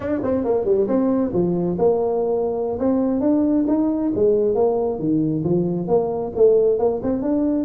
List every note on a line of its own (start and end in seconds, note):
0.00 0.21 D4
0.23 0.44 C4
0.44 0.64 A#3
0.64 0.87 G3
0.87 1.32 C4
1.33 1.77 F3
1.78 2.78 A#3
2.79 3.20 C4
3.20 3.65 D4
3.67 4.12 D#4
4.15 4.54 G#3
4.54 4.99 A#3
4.99 5.43 D#3
5.43 5.87 F3
5.87 6.32 A#3
6.35 6.78 A3
6.78 7.00 A#3
7.02 7.22 C4
7.22 7.64 D4